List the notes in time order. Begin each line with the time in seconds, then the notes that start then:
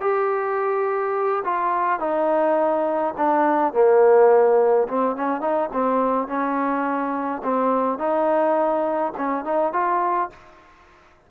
0.00 G4
1.44 F4
1.99 D#4
3.17 D4
3.73 A#3
4.88 C4
5.16 C#4
5.40 D#4
5.72 C4
6.27 C#4
7.43 C4
7.98 D#4
9.17 C#4
9.44 D#4
9.72 F4